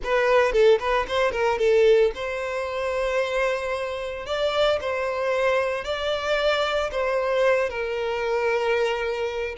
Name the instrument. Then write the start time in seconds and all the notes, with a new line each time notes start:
violin
0.03 B4
0.52 A4
0.79 B4
1.08 C5
1.31 A#4
1.58 A4
2.14 C5
4.26 D5
4.80 C5
5.84 D5
6.91 C5
7.69 A#4